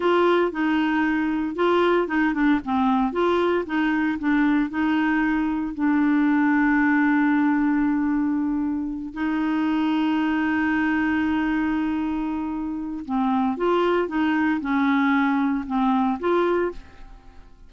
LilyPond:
\new Staff \with { instrumentName = "clarinet" } { \time 4/4 \tempo 4 = 115 f'4 dis'2 f'4 | dis'8 d'8 c'4 f'4 dis'4 | d'4 dis'2 d'4~ | d'1~ |
d'4. dis'2~ dis'8~ | dis'1~ | dis'4 c'4 f'4 dis'4 | cis'2 c'4 f'4 | }